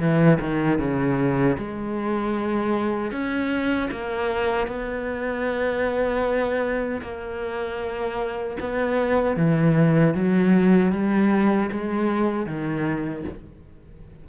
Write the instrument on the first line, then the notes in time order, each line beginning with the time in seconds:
cello
0.00 E3
0.41 D#3
0.80 C#3
1.58 G#3
3.12 C#4
3.91 A#3
4.68 B3
7.02 A#3
8.61 B3
9.37 E3
10.15 F#3
10.93 G3
11.72 G#3
12.47 D#3